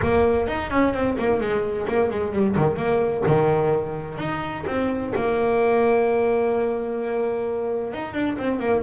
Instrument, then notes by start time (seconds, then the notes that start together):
double bass
0.02 A#3
0.47 D#4
0.70 C#4
0.93 C4
1.17 A#3
1.40 G#3
1.88 A#3
2.10 G#3
2.32 G3
2.56 D#3
2.76 A#3
3.26 D#3
4.18 D#4
4.66 C4
5.15 A#3
7.93 D#4
8.13 D4
8.38 C4
8.59 A#3